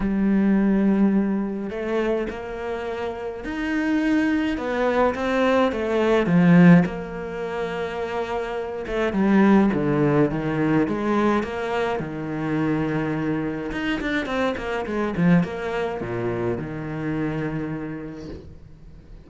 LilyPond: \new Staff \with { instrumentName = "cello" } { \time 4/4 \tempo 4 = 105 g2. a4 | ais2 dis'2 | b4 c'4 a4 f4 | ais2.~ ais8 a8 |
g4 d4 dis4 gis4 | ais4 dis2. | dis'8 d'8 c'8 ais8 gis8 f8 ais4 | ais,4 dis2. | }